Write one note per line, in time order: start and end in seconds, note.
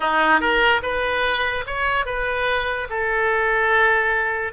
0.00 0.40 D#4
0.40 0.81 A#4
0.82 1.64 B4
1.66 2.05 C#5
2.05 2.88 B4
2.89 4.52 A4